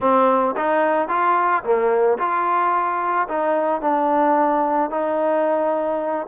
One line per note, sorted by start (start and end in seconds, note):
0.00 0.55 C4
0.56 1.08 D#4
1.08 1.63 F4
1.63 2.18 A#3
2.18 3.27 F4
3.28 3.81 D#4
3.81 4.90 D4
4.90 6.26 D#4